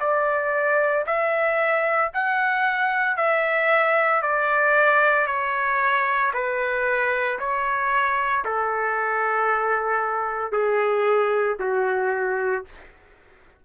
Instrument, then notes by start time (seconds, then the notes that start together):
trumpet
0.00 D5
1.06 E5
2.13 F#5
3.17 E5
4.22 D5
5.27 C#5
6.33 B4
7.39 C#5
8.44 A4
10.52 G#4
11.59 F#4